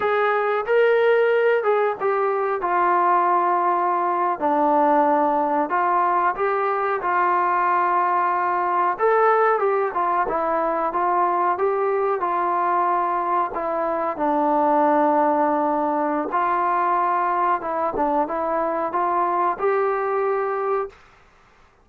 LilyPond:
\new Staff \with { instrumentName = "trombone" } { \time 4/4 \tempo 4 = 92 gis'4 ais'4. gis'8 g'4 | f'2~ f'8. d'4~ d'16~ | d'8. f'4 g'4 f'4~ f'16~ | f'4.~ f'16 a'4 g'8 f'8 e'16~ |
e'8. f'4 g'4 f'4~ f'16~ | f'8. e'4 d'2~ d'16~ | d'4 f'2 e'8 d'8 | e'4 f'4 g'2 | }